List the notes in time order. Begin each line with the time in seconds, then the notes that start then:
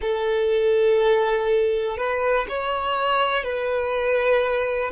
0.00 A4
1.97 B4
2.49 C#5
3.43 B4